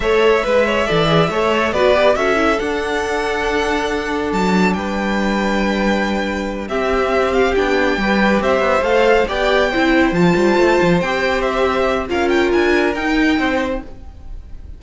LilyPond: <<
  \new Staff \with { instrumentName = "violin" } { \time 4/4 \tempo 4 = 139 e''1 | d''4 e''4 fis''2~ | fis''2 a''4 g''4~ | g''2.~ g''8 e''8~ |
e''4 f''8 g''2 e''8~ | e''8 f''4 g''2 a''8~ | a''4. g''4 e''4. | f''8 g''8 gis''4 g''2 | }
  \new Staff \with { instrumentName = "violin" } { \time 4/4 cis''4 b'8 cis''8 d''4 cis''4 | b'4 a'2.~ | a'2. b'4~ | b'2.~ b'8 g'8~ |
g'2~ g'8 b'4 c''8~ | c''4. d''4 c''4.~ | c''1 | ais'2. c''4 | }
  \new Staff \with { instrumentName = "viola" } { \time 4/4 a'4 b'4 a'8 gis'8 a'4 | fis'8 g'8 fis'8 e'8 d'2~ | d'1~ | d'2.~ d'8 c'8~ |
c'4. d'4 g'4.~ | g'8 a'4 g'4 e'4 f'8~ | f'4. g'2~ g'8 | f'2 dis'2 | }
  \new Staff \with { instrumentName = "cello" } { \time 4/4 a4 gis4 e4 a4 | b4 cis'4 d'2~ | d'2 fis4 g4~ | g2.~ g8 c'8~ |
c'4. b4 g4 c'8 | b8 a4 b4 c'4 f8 | g8 a8 f8 c'2~ c'8 | cis'4 d'4 dis'4 c'4 | }
>>